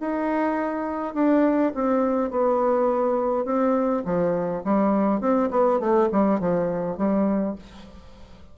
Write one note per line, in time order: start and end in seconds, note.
0.00 1.14 D#4
1.14 1.72 D4
1.74 2.31 C4
2.31 3.45 B3
3.45 4.03 C4
4.05 4.63 F3
4.64 5.20 G3
5.20 5.49 C4
5.50 5.80 B3
5.80 6.09 A3
6.12 6.40 G3
6.40 6.97 F3
6.97 7.55 G3